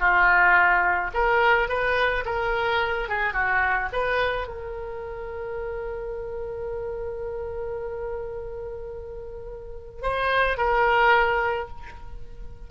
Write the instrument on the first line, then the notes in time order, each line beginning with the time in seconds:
oboe
0.00 F4
1.14 A#4
1.68 B4
2.26 A#4
3.09 G#4
3.33 F#4
3.93 B4
4.47 A#4
10.02 C5
10.57 A#4